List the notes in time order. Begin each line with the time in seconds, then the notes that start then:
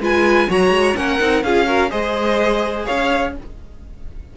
0.00 G#3 F4 B4 G#5
0.49 F#3 F#4 C#5 A#5
0.70 G#3
0.96 A#3 C#4 A#4 F#5
1.19 C4 D#4
1.43 C#4 F4 G#4 F5
1.66 F#4 A#4
1.90 G#3 G#4 C5 D#5
2.86 C#4 C#5 F5